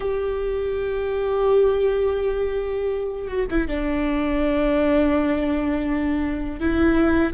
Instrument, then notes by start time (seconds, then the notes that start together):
viola
0.00 G4
3.27 F#4
3.50 E4
3.67 D4
6.60 E4